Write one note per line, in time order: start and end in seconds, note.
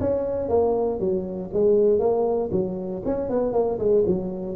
0.00 0.49 C#4
0.49 0.99 A#3
0.99 1.50 F#3
1.53 1.99 G#3
1.99 2.50 A#3
2.51 3.02 F#3
3.05 3.30 C#4
3.30 3.53 B3
3.53 3.78 A#3
3.79 4.04 G#3
4.06 4.55 F#3